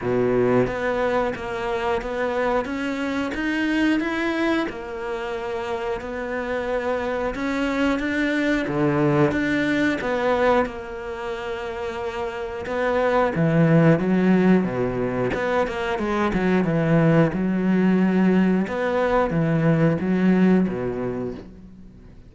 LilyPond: \new Staff \with { instrumentName = "cello" } { \time 4/4 \tempo 4 = 90 b,4 b4 ais4 b4 | cis'4 dis'4 e'4 ais4~ | ais4 b2 cis'4 | d'4 d4 d'4 b4 |
ais2. b4 | e4 fis4 b,4 b8 ais8 | gis8 fis8 e4 fis2 | b4 e4 fis4 b,4 | }